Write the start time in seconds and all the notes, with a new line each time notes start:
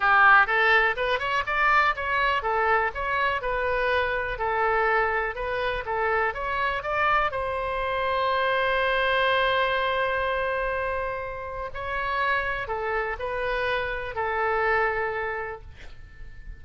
0.00 G4
0.47 A4
0.96 B4
1.19 C#5
1.46 D5
1.95 C#5
2.42 A4
2.94 C#5
3.41 B4
4.38 A4
5.35 B4
5.85 A4
6.33 C#5
6.82 D5
7.31 C5
11.73 C#5
12.67 A4
13.19 B4
14.15 A4